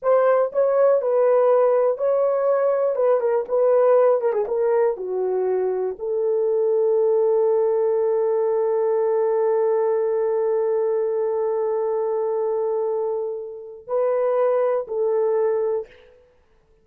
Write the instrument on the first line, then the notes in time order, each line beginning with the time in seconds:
horn
0.02 C5
0.52 C#5
1.01 B4
1.97 C#5
2.95 B4
3.20 A#4
3.48 B4
4.21 A#4
4.33 G#4
4.47 A#4
4.97 F#4
5.98 A4
13.87 B4
14.87 A4